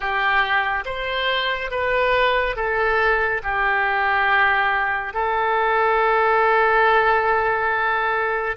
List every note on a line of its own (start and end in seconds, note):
0.00 0.84 G4
0.85 1.70 C5
1.70 2.56 B4
2.56 3.41 A4
3.43 5.13 G4
5.13 8.56 A4